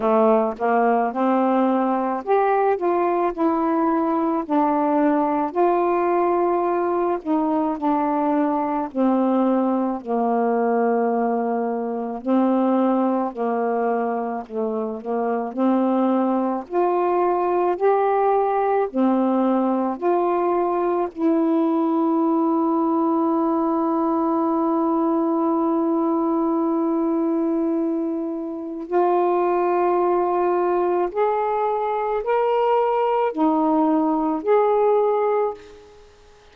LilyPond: \new Staff \with { instrumentName = "saxophone" } { \time 4/4 \tempo 4 = 54 a8 ais8 c'4 g'8 f'8 e'4 | d'4 f'4. dis'8 d'4 | c'4 ais2 c'4 | ais4 a8 ais8 c'4 f'4 |
g'4 c'4 f'4 e'4~ | e'1~ | e'2 f'2 | gis'4 ais'4 dis'4 gis'4 | }